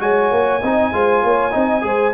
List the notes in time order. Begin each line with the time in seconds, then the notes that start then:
0.00 G#3 F#4 C#5 G#5
0.32 A#3
0.63 C4 D#4 D#5
0.93 G#3 F4 C5
1.24 A#3 C#5
1.51 C4 D#4 D#5
1.82 G#3 G#4 C5